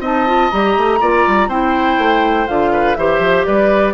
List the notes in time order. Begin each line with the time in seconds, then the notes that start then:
0.00 C4 D#4 D#5 A5
0.26 F4
0.51 G3 G4 A#5
0.77 A3
1.00 A#3 F4 D5
1.27 G3
1.47 C4 E4 C5 G5
1.98 A3
2.47 D3 F4 F5
2.72 B4
2.95 E3 G4 C5 E5
3.19 F3
3.45 G3 B4 D5